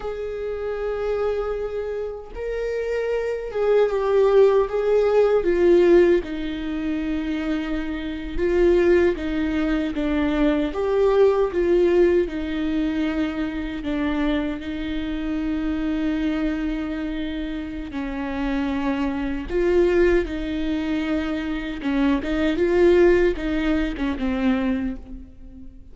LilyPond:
\new Staff \with { instrumentName = "viola" } { \time 4/4 \tempo 4 = 77 gis'2. ais'4~ | ais'8 gis'8 g'4 gis'4 f'4 | dis'2~ dis'8. f'4 dis'16~ | dis'8. d'4 g'4 f'4 dis'16~ |
dis'4.~ dis'16 d'4 dis'4~ dis'16~ | dis'2. cis'4~ | cis'4 f'4 dis'2 | cis'8 dis'8 f'4 dis'8. cis'16 c'4 | }